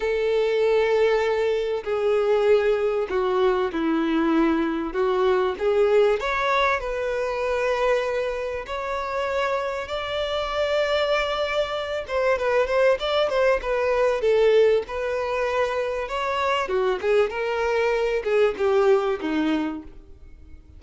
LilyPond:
\new Staff \with { instrumentName = "violin" } { \time 4/4 \tempo 4 = 97 a'2. gis'4~ | gis'4 fis'4 e'2 | fis'4 gis'4 cis''4 b'4~ | b'2 cis''2 |
d''2.~ d''8 c''8 | b'8 c''8 d''8 c''8 b'4 a'4 | b'2 cis''4 fis'8 gis'8 | ais'4. gis'8 g'4 dis'4 | }